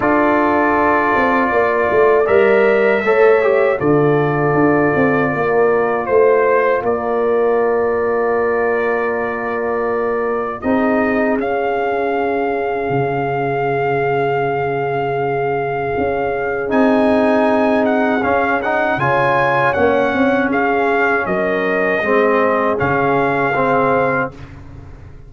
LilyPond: <<
  \new Staff \with { instrumentName = "trumpet" } { \time 4/4 \tempo 4 = 79 d''2. e''4~ | e''4 d''2. | c''4 d''2.~ | d''2 dis''4 f''4~ |
f''1~ | f''2 gis''4. fis''8 | f''8 fis''8 gis''4 fis''4 f''4 | dis''2 f''2 | }
  \new Staff \with { instrumentName = "horn" } { \time 4/4 a'2 d''2 | cis''4 a'2 ais'4 | c''4 ais'2.~ | ais'2 gis'2~ |
gis'1~ | gis'1~ | gis'4 cis''2 gis'4 | ais'4 gis'2. | }
  \new Staff \with { instrumentName = "trombone" } { \time 4/4 f'2. ais'4 | a'8 g'8 f'2.~ | f'1~ | f'2 dis'4 cis'4~ |
cis'1~ | cis'2 dis'2 | cis'8 dis'8 f'4 cis'2~ | cis'4 c'4 cis'4 c'4 | }
  \new Staff \with { instrumentName = "tuba" } { \time 4/4 d'4. c'8 ais8 a8 g4 | a4 d4 d'8 c'8 ais4 | a4 ais2.~ | ais2 c'4 cis'4~ |
cis'4 cis2.~ | cis4 cis'4 c'2 | cis'4 cis4 ais8 c'8 cis'4 | fis4 gis4 cis2 | }
>>